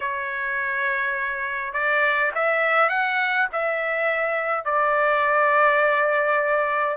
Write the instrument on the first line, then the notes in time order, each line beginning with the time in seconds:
trumpet
0.00 C#5
1.73 D5
2.35 E5
2.89 F#5
3.52 E5
4.64 D5